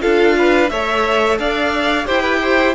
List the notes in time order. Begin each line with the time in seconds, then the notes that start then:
0.00 D4 F4 A4 F5
0.38 B4
0.69 A3 A4 C#5 E5
1.39 D4 D5 F5
2.05 E4 G4 C5 G5
2.21 B4
2.41 C5